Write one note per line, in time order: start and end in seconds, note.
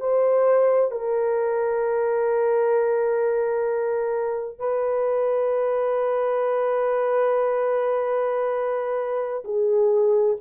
0.00 0.91 C5
0.91 4.59 A#4
4.59 9.44 B4
9.44 10.37 G#4